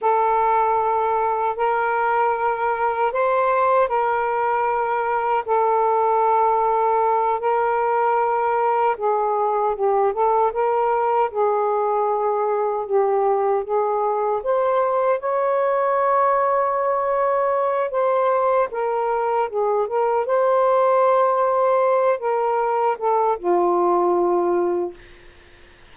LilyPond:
\new Staff \with { instrumentName = "saxophone" } { \time 4/4 \tempo 4 = 77 a'2 ais'2 | c''4 ais'2 a'4~ | a'4. ais'2 gis'8~ | gis'8 g'8 a'8 ais'4 gis'4.~ |
gis'8 g'4 gis'4 c''4 cis''8~ | cis''2. c''4 | ais'4 gis'8 ais'8 c''2~ | c''8 ais'4 a'8 f'2 | }